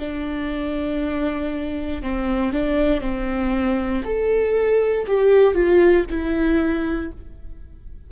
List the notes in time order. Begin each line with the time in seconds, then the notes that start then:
0.00 D4
2.02 C4
2.53 D4
3.01 C4
4.05 A4
5.07 G4
5.55 F4
6.10 E4